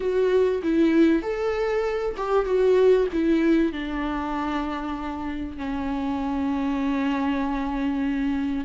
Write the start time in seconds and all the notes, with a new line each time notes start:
0.00 F#4
0.62 E4
1.22 A4
2.16 G4
2.45 F#4
3.12 E4
3.72 D4
5.57 C#4